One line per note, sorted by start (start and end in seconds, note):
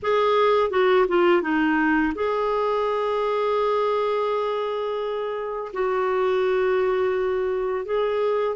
0.02 0.70 G#4
0.70 1.06 F#4
1.07 1.42 F4
1.42 2.13 D#4
2.15 5.72 G#4
5.73 7.85 F#4
7.85 8.56 G#4